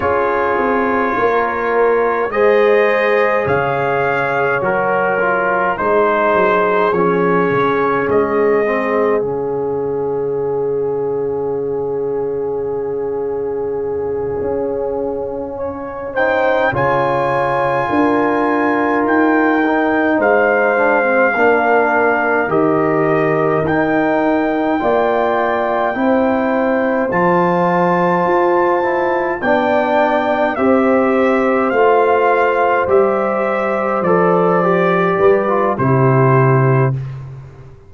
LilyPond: <<
  \new Staff \with { instrumentName = "trumpet" } { \time 4/4 \tempo 4 = 52 cis''2 dis''4 f''4 | ais'4 c''4 cis''4 dis''4 | f''1~ | f''2 g''8 gis''4.~ |
gis''8 g''4 f''2 dis''8~ | dis''8 g''2. a''8~ | a''4. g''4 e''4 f''8~ | f''8 e''4 d''4. c''4 | }
  \new Staff \with { instrumentName = "horn" } { \time 4/4 gis'4 ais'4 c''4 cis''4~ | cis''4 gis'2.~ | gis'1~ | gis'4. cis''8 c''8 cis''4 ais'8~ |
ais'4. c''4 ais'4.~ | ais'4. d''4 c''4.~ | c''4. d''4 c''4.~ | c''2~ c''8 b'8 g'4 | }
  \new Staff \with { instrumentName = "trombone" } { \time 4/4 f'2 gis'2 | fis'8 f'8 dis'4 cis'4. c'8 | cis'1~ | cis'2 dis'8 f'4.~ |
f'4 dis'4 d'16 c'16 d'4 g'8~ | g'8 dis'4 f'4 e'4 f'8~ | f'4 e'8 d'4 g'4 f'8~ | f'8 g'4 a'8 g'8. f'16 e'4 | }
  \new Staff \with { instrumentName = "tuba" } { \time 4/4 cis'8 c'8 ais4 gis4 cis4 | fis4 gis8 fis8 f8 cis8 gis4 | cis1~ | cis8 cis'2 cis4 d'8~ |
d'8 dis'4 gis4 ais4 dis8~ | dis8 dis'4 ais4 c'4 f8~ | f8 f'4 b4 c'4 a8~ | a8 g4 f4 g8 c4 | }
>>